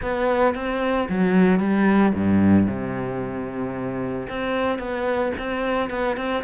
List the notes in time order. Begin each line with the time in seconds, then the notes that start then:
0.02 B3
0.54 C4
1.09 F#3
1.59 G3
2.14 G2
2.67 C3
4.28 C4
4.78 B3
5.38 C4
5.90 B3
6.16 C4